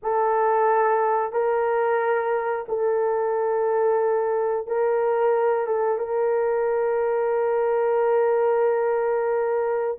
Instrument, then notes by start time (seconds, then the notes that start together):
horn
0.02 A4
1.32 A#4
2.68 A4
4.67 A#4
5.66 A4
5.98 A#4